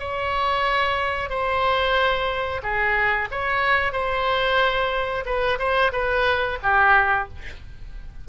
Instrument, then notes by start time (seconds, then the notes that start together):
oboe
0.00 C#5
1.30 C5
2.63 G#4
3.31 C#5
3.93 C5
5.26 B4
5.59 C5
5.93 B4
6.63 G4